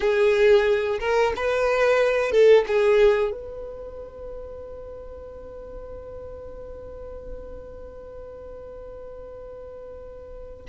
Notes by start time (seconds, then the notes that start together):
0.00 G#4
0.99 A#4
1.35 B4
2.32 A4
2.67 G#4
3.32 B4